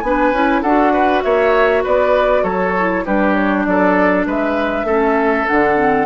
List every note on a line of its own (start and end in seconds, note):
0.00 0.32 B3
0.00 0.34 D4
0.00 0.61 G#5
0.06 0.62 B4
0.32 0.62 C#4
0.32 0.65 E4
0.62 1.23 D4
0.62 2.78 F#4
0.62 0.92 A4
0.62 1.22 F#5
0.93 1.23 B4
1.23 1.85 A#3
1.23 1.84 C#5
1.23 1.83 E5
1.84 2.43 B3
1.84 2.43 B4
1.84 2.44 D5
2.43 3.04 F#3
2.43 3.04 A4
2.43 3.05 C#5
2.78 3.06 E4
3.06 3.67 G3
3.06 4.87 D4
3.06 3.66 G4
3.06 3.33 B4
3.33 3.64 C#5
3.65 4.26 F#3
3.65 4.27 A4
3.65 4.26 D5
4.26 4.84 G#3
4.26 4.86 B4
4.26 5.47 E5
4.84 5.45 A3
4.84 5.47 C#4
4.84 6.06 A4
5.47 6.06 D3
5.47 5.77 D4
5.47 6.06 F#5
5.77 6.06 C4